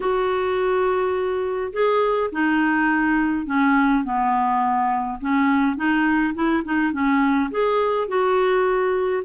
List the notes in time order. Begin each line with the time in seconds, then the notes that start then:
0.00 F#4
1.72 G#4
2.32 D#4
3.46 C#4
4.04 B3
5.21 C#4
5.76 D#4
6.34 E4
6.64 D#4
6.92 C#4
7.51 G#4
8.07 F#4